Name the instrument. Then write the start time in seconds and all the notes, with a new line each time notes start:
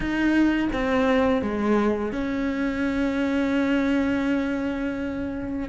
cello
0.00 D#4
0.72 C4
1.42 G#3
2.12 C#4